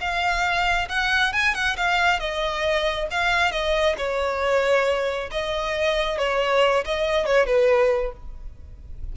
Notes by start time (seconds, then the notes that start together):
0.00 F5
0.88 F#5
1.32 G#5
1.54 F#5
1.76 F5
2.19 D#5
3.11 F5
3.51 D#5
3.97 C#5
5.31 D#5
6.18 C#5
6.85 D#5
7.26 C#5
7.46 B4